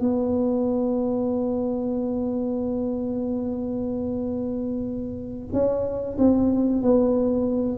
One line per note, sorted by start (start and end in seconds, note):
0.00 5.48 B3
5.53 6.17 C#4
6.18 6.82 C4
6.82 7.78 B3